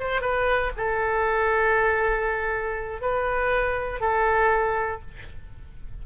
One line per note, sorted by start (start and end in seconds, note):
0.00 0.22 C5
0.22 0.72 B4
0.77 3.02 A4
3.02 4.01 B4
4.01 5.02 A4